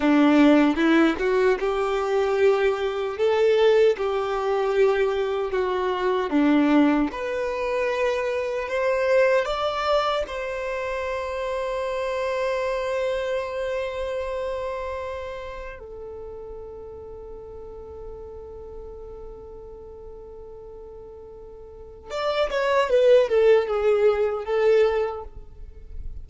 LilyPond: \new Staff \with { instrumentName = "violin" } { \time 4/4 \tempo 4 = 76 d'4 e'8 fis'8 g'2 | a'4 g'2 fis'4 | d'4 b'2 c''4 | d''4 c''2.~ |
c''1 | a'1~ | a'1 | d''8 cis''8 b'8 a'8 gis'4 a'4 | }